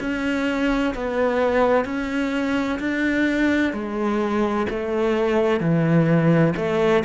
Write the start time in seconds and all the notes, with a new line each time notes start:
0.00 C#4
0.94 B3
1.85 C#4
2.79 D4
3.72 G#3
4.69 A3
5.60 E3
6.56 A3